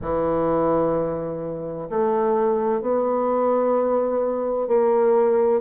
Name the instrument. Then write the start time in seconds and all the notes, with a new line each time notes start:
bassoon
0.01 E3
1.89 A3
2.81 B3
4.67 A#3